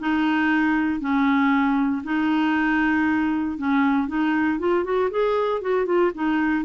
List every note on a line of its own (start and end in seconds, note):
0.00 1.00 D#4
1.00 2.03 C#4
2.04 3.58 D#4
3.58 4.08 C#4
4.08 4.59 D#4
4.59 4.84 F4
4.84 5.10 F#4
5.11 5.62 G#4
5.62 5.86 F#4
5.86 6.12 F4
6.15 6.65 D#4